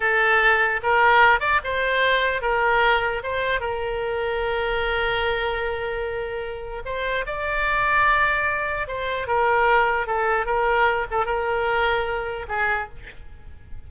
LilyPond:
\new Staff \with { instrumentName = "oboe" } { \time 4/4 \tempo 4 = 149 a'2 ais'4. d''8 | c''2 ais'2 | c''4 ais'2.~ | ais'1~ |
ais'4 c''4 d''2~ | d''2 c''4 ais'4~ | ais'4 a'4 ais'4. a'8 | ais'2. gis'4 | }